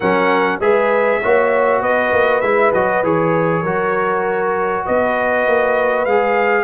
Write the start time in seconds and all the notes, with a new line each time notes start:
0.00 F#3 C#4 A#4 F#5
0.59 G#3 G#4 B4 E5
1.22 A#3 F#4 C#5
1.81 B3 B4 D#5
2.12 A#3
2.41 G#3 E4 E5
2.73 F#3 F#4 D#5
3.03 E3 G#4 C#5
3.62 F#3 F#4 A#4
4.85 B3 B4 D#5
5.47 A#3
6.05 G#3 G#4 F5